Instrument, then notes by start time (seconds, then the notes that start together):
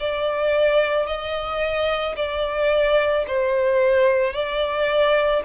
violin
0.00 D5
1.06 D#5
2.16 D5
3.27 C5
4.33 D5